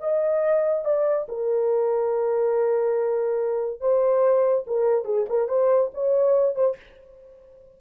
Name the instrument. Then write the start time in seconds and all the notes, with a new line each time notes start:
horn
0.00 D#5
0.85 D5
1.28 A#4
3.80 C5
4.67 A#4
5.05 G#4
5.29 A#4
5.48 C5
5.94 C#5
6.55 C5